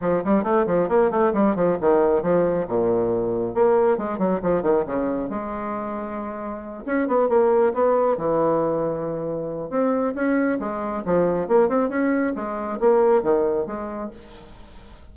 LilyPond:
\new Staff \with { instrumentName = "bassoon" } { \time 4/4 \tempo 4 = 136 f8 g8 a8 f8 ais8 a8 g8 f8 | dis4 f4 ais,2 | ais4 gis8 fis8 f8 dis8 cis4 | gis2.~ gis8 cis'8 |
b8 ais4 b4 e4.~ | e2 c'4 cis'4 | gis4 f4 ais8 c'8 cis'4 | gis4 ais4 dis4 gis4 | }